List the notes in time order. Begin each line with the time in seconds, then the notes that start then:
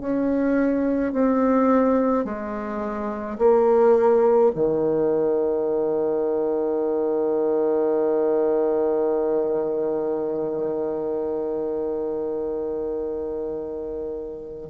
0.00 C#4
1.13 C4
2.25 G#3
3.38 A#3
4.55 D#3